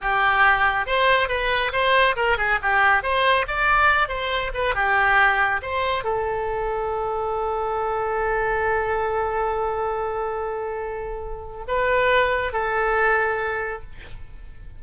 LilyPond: \new Staff \with { instrumentName = "oboe" } { \time 4/4 \tempo 4 = 139 g'2 c''4 b'4 | c''4 ais'8 gis'8 g'4 c''4 | d''4. c''4 b'8 g'4~ | g'4 c''4 a'2~ |
a'1~ | a'1~ | a'2. b'4~ | b'4 a'2. | }